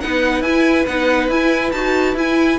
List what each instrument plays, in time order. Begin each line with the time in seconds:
0.00 cello B3, viola D#4, violin B4 F#5
0.40 cello E4, viola E4, violin G#5
0.86 cello B3, viola D#4, violin F#5
1.28 cello E4, viola E4, violin G#5
1.71 cello D#4, viola F#4, violin A5
2.14 cello E4, viola E4, violin G#5